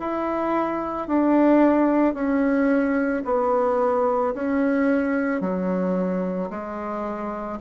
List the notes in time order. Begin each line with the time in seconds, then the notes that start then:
0.00 E4
1.08 D4
2.14 C#4
3.25 B3
4.34 C#4
5.40 F#3
6.50 G#3